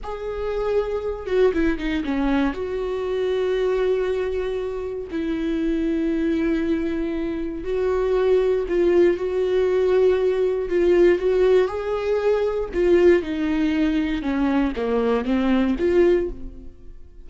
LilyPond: \new Staff \with { instrumentName = "viola" } { \time 4/4 \tempo 4 = 118 gis'2~ gis'8 fis'8 e'8 dis'8 | cis'4 fis'2.~ | fis'2 e'2~ | e'2. fis'4~ |
fis'4 f'4 fis'2~ | fis'4 f'4 fis'4 gis'4~ | gis'4 f'4 dis'2 | cis'4 ais4 c'4 f'4 | }